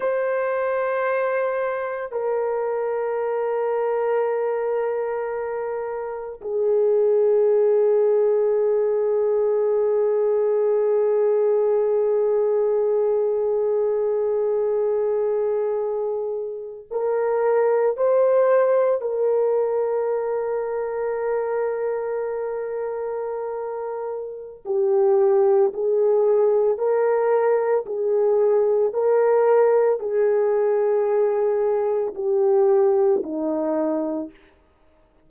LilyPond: \new Staff \with { instrumentName = "horn" } { \time 4/4 \tempo 4 = 56 c''2 ais'2~ | ais'2 gis'2~ | gis'1~ | gis'2.~ gis'8. ais'16~ |
ais'8. c''4 ais'2~ ais'16~ | ais'2. g'4 | gis'4 ais'4 gis'4 ais'4 | gis'2 g'4 dis'4 | }